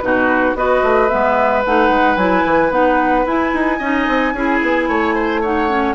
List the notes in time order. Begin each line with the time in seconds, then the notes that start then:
0.00 B2 D#4 F#4 B4
0.55 B3 F#4 B4 D#5
0.83 A3
1.09 G#3 B3 E5
1.66 A3 D#4 F#5
1.89 G#3
2.17 F#3 E4 G#5
2.46 E3
2.71 B3 D#4 F#5
3.26 E4 G#5
3.54 D#4
3.79 C#4 D#4 D#5
4.08 C4
4.33 C#4 E4 G#4
4.63 B3
4.89 A3 C#5
5.15 C5
5.42 D#4 C#5 F#5
5.69 C#4